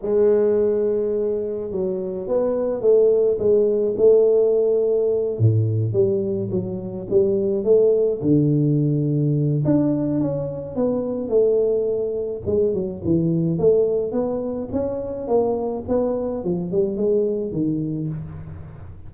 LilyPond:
\new Staff \with { instrumentName = "tuba" } { \time 4/4 \tempo 4 = 106 gis2. fis4 | b4 a4 gis4 a4~ | a4. a,4 g4 fis8~ | fis8 g4 a4 d4.~ |
d4 d'4 cis'4 b4 | a2 gis8 fis8 e4 | a4 b4 cis'4 ais4 | b4 f8 g8 gis4 dis4 | }